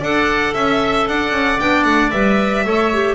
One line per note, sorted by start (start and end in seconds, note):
0.00 0.53 D4
0.00 1.60 A4
0.00 0.53 D5
0.00 0.54 F#5
0.54 1.07 C#4
0.54 1.07 E5
0.54 1.10 E5
1.07 1.32 D4
1.07 2.66 D5
1.07 1.60 F#5
1.32 1.58 C#4
1.60 1.85 B3
1.60 2.12 D4
1.60 1.84 G5
1.84 2.11 A3
1.84 2.10 F#5
2.11 2.65 G3
2.11 2.65 B4
2.11 3.15 E5
2.65 3.15 A3
2.65 2.92 A4
2.65 3.15 C#5
2.93 3.15 G4